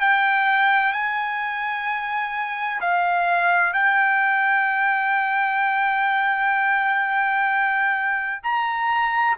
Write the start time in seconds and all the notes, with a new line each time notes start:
0.00 G5
0.92 G#5
2.80 F5
3.73 G5
8.43 A#5